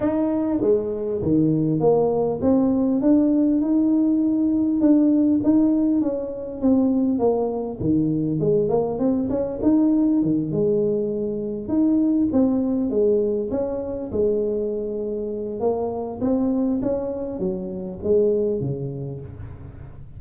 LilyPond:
\new Staff \with { instrumentName = "tuba" } { \time 4/4 \tempo 4 = 100 dis'4 gis4 dis4 ais4 | c'4 d'4 dis'2 | d'4 dis'4 cis'4 c'4 | ais4 dis4 gis8 ais8 c'8 cis'8 |
dis'4 dis8 gis2 dis'8~ | dis'8 c'4 gis4 cis'4 gis8~ | gis2 ais4 c'4 | cis'4 fis4 gis4 cis4 | }